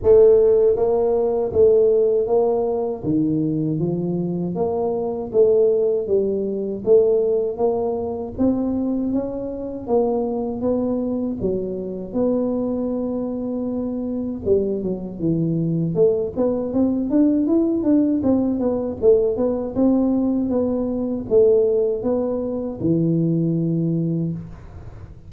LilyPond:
\new Staff \with { instrumentName = "tuba" } { \time 4/4 \tempo 4 = 79 a4 ais4 a4 ais4 | dis4 f4 ais4 a4 | g4 a4 ais4 c'4 | cis'4 ais4 b4 fis4 |
b2. g8 fis8 | e4 a8 b8 c'8 d'8 e'8 d'8 | c'8 b8 a8 b8 c'4 b4 | a4 b4 e2 | }